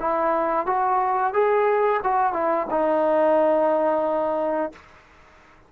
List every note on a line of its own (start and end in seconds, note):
0.00 0.66 E4
0.66 1.34 F#4
1.34 2.01 G#4
2.03 2.33 F#4
2.33 2.67 E4
2.70 4.73 D#4